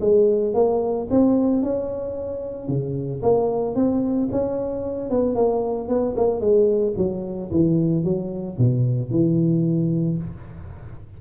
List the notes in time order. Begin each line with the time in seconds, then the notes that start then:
0.00 G#3
0.54 A#3
1.10 C4
1.62 C#4
2.68 C#3
3.22 A#3
3.75 C4
4.31 C#4
5.10 B3
5.35 A#3
5.88 B3
6.16 A#3
6.40 G#3
6.97 F#3
7.51 E3
8.04 F#3
8.58 B2
9.11 E3